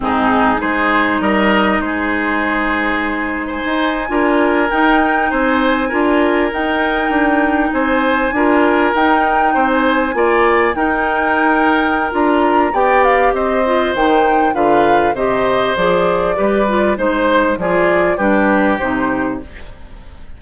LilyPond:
<<
  \new Staff \with { instrumentName = "flute" } { \time 4/4 \tempo 4 = 99 gis'4 c''4 dis''4 c''4~ | c''4.~ c''16 gis''2 g''16~ | g''8. gis''2 g''4~ g''16~ | g''8. gis''2 g''4~ g''16 |
gis''4.~ gis''16 g''2~ g''16 | ais''4 g''8 f''8 dis''4 g''4 | f''4 dis''4 d''2 | c''4 d''4 b'4 c''4 | }
  \new Staff \with { instrumentName = "oboe" } { \time 4/4 dis'4 gis'4 ais'4 gis'4~ | gis'4.~ gis'16 c''4 ais'4~ ais'16~ | ais'8. c''4 ais'2~ ais'16~ | ais'8. c''4 ais'2 c''16~ |
c''8. d''4 ais'2~ ais'16~ | ais'4 d''4 c''2 | b'4 c''2 b'4 | c''4 gis'4 g'2 | }
  \new Staff \with { instrumentName = "clarinet" } { \time 4/4 c'4 dis'2.~ | dis'2~ dis'8. f'4 dis'16~ | dis'4.~ dis'16 f'4 dis'4~ dis'16~ | dis'4.~ dis'16 f'4 dis'4~ dis'16~ |
dis'8. f'4 dis'2~ dis'16 | f'4 g'4. f'8 dis'4 | f'4 g'4 gis'4 g'8 f'8 | dis'4 f'4 d'4 dis'4 | }
  \new Staff \with { instrumentName = "bassoon" } { \time 4/4 gis,4 gis4 g4 gis4~ | gis2 dis'8. d'4 dis'16~ | dis'8. c'4 d'4 dis'4 d'16~ | d'8. c'4 d'4 dis'4 c'16~ |
c'8. ais4 dis'2~ dis'16 | d'4 b4 c'4 dis4 | d4 c4 f4 g4 | gis4 f4 g4 c4 | }
>>